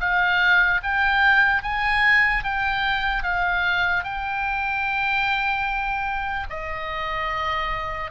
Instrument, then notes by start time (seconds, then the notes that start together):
oboe
0.00 F5
0.83 G5
1.63 G#5
2.44 G5
3.23 F5
4.04 G5
6.50 D#5